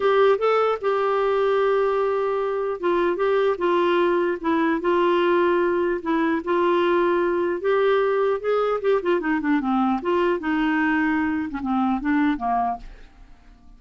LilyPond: \new Staff \with { instrumentName = "clarinet" } { \time 4/4 \tempo 4 = 150 g'4 a'4 g'2~ | g'2. f'4 | g'4 f'2 e'4 | f'2. e'4 |
f'2. g'4~ | g'4 gis'4 g'8 f'8 dis'8 d'8 | c'4 f'4 dis'2~ | dis'8. cis'16 c'4 d'4 ais4 | }